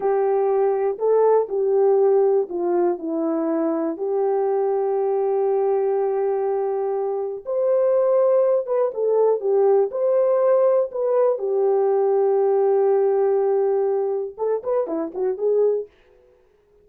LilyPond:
\new Staff \with { instrumentName = "horn" } { \time 4/4 \tempo 4 = 121 g'2 a'4 g'4~ | g'4 f'4 e'2 | g'1~ | g'2. c''4~ |
c''4. b'8 a'4 g'4 | c''2 b'4 g'4~ | g'1~ | g'4 a'8 b'8 e'8 fis'8 gis'4 | }